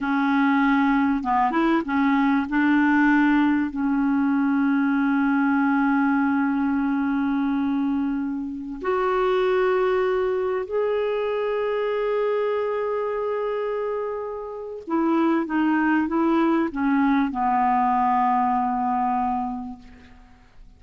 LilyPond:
\new Staff \with { instrumentName = "clarinet" } { \time 4/4 \tempo 4 = 97 cis'2 b8 e'8 cis'4 | d'2 cis'2~ | cis'1~ | cis'2~ cis'16 fis'4.~ fis'16~ |
fis'4~ fis'16 gis'2~ gis'8.~ | gis'1 | e'4 dis'4 e'4 cis'4 | b1 | }